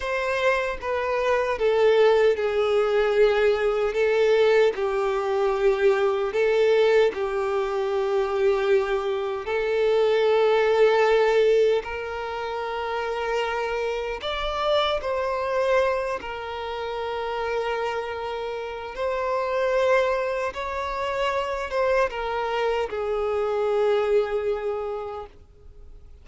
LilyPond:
\new Staff \with { instrumentName = "violin" } { \time 4/4 \tempo 4 = 76 c''4 b'4 a'4 gis'4~ | gis'4 a'4 g'2 | a'4 g'2. | a'2. ais'4~ |
ais'2 d''4 c''4~ | c''8 ais'2.~ ais'8 | c''2 cis''4. c''8 | ais'4 gis'2. | }